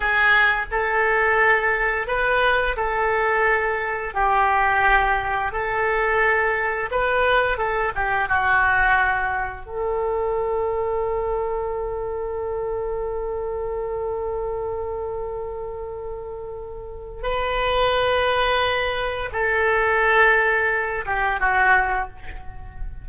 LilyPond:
\new Staff \with { instrumentName = "oboe" } { \time 4/4 \tempo 4 = 87 gis'4 a'2 b'4 | a'2 g'2 | a'2 b'4 a'8 g'8 | fis'2 a'2~ |
a'1~ | a'1~ | a'4 b'2. | a'2~ a'8 g'8 fis'4 | }